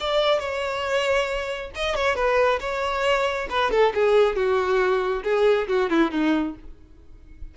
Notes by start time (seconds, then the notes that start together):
0.00 D5
0.39 C#5
1.75 D#5
1.95 C#5
2.15 B4
2.60 C#5
3.50 B4
3.71 A4
3.94 G#4
4.36 F#4
5.23 G#4
5.68 F#4
5.90 E4
6.11 D#4